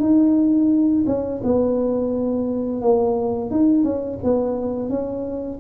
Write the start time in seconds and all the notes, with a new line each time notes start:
0.00 D#4
1.07 C#4
1.44 B3
2.82 A#3
3.51 D#4
3.84 C#4
4.24 B3
4.90 C#4